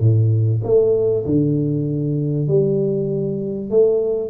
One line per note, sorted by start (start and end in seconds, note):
0.00 0.61 A2
0.64 1.25 A3
1.26 2.48 D3
2.48 3.70 G3
3.70 4.29 A3